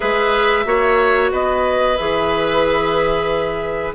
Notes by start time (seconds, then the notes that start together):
0.00 G#3 G#4 B4 E5
0.65 A#3 F#4 C#5
1.31 B3 B4 D#5
1.97 E3 G#4 E5